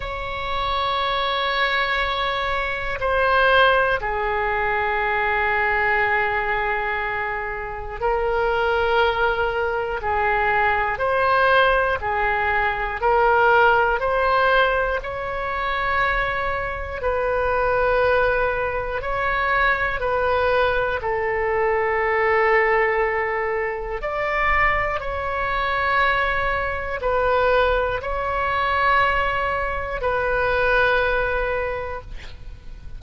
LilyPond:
\new Staff \with { instrumentName = "oboe" } { \time 4/4 \tempo 4 = 60 cis''2. c''4 | gis'1 | ais'2 gis'4 c''4 | gis'4 ais'4 c''4 cis''4~ |
cis''4 b'2 cis''4 | b'4 a'2. | d''4 cis''2 b'4 | cis''2 b'2 | }